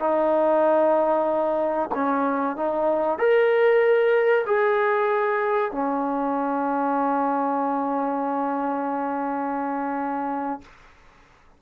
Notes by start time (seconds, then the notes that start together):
0.00 D#4
1.95 C#4
2.56 D#4
3.19 A#4
4.47 G#4
5.72 C#4